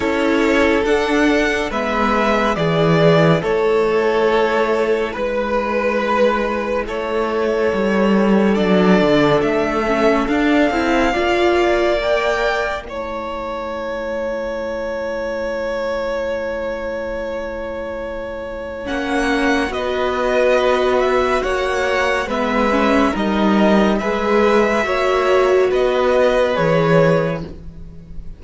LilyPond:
<<
  \new Staff \with { instrumentName = "violin" } { \time 4/4 \tempo 4 = 70 cis''4 fis''4 e''4 d''4 | cis''2 b'2 | cis''2 d''4 e''4 | f''2 g''4 a''4~ |
a''1~ | a''2 fis''4 dis''4~ | dis''8 e''8 fis''4 e''4 dis''4 | e''2 dis''4 cis''4 | }
  \new Staff \with { instrumentName = "violin" } { \time 4/4 a'2 b'4 gis'4 | a'2 b'2 | a'1~ | a'4 d''2 cis''4~ |
cis''1~ | cis''2. b'4~ | b'4 cis''4 b'4 ais'4 | b'4 cis''4 b'2 | }
  \new Staff \with { instrumentName = "viola" } { \time 4/4 e'4 d'4 b4 e'4~ | e'1~ | e'2 d'4. cis'8 | d'8 e'8 f'4 ais'4 e'4~ |
e'1~ | e'2 cis'4 fis'4~ | fis'2 b8 cis'8 dis'4 | gis'4 fis'2 gis'4 | }
  \new Staff \with { instrumentName = "cello" } { \time 4/4 cis'4 d'4 gis4 e4 | a2 gis2 | a4 g4 fis8 d8 a4 | d'8 c'8 ais2 a4~ |
a1~ | a2 ais4 b4~ | b4 ais4 gis4 g4 | gis4 ais4 b4 e4 | }
>>